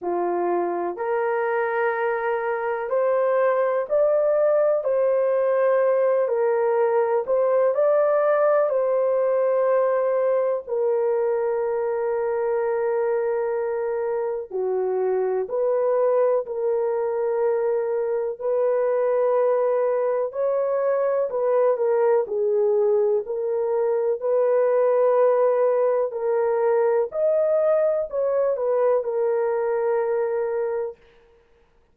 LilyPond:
\new Staff \with { instrumentName = "horn" } { \time 4/4 \tempo 4 = 62 f'4 ais'2 c''4 | d''4 c''4. ais'4 c''8 | d''4 c''2 ais'4~ | ais'2. fis'4 |
b'4 ais'2 b'4~ | b'4 cis''4 b'8 ais'8 gis'4 | ais'4 b'2 ais'4 | dis''4 cis''8 b'8 ais'2 | }